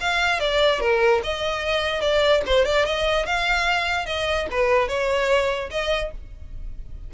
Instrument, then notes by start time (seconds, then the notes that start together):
violin
0.00 F5
0.40 D5
0.80 A#4
1.23 D#5
2.01 D5
2.46 C5
2.65 D5
2.85 D#5
3.26 F5
4.06 D#5
4.51 B4
4.88 C#5
5.71 D#5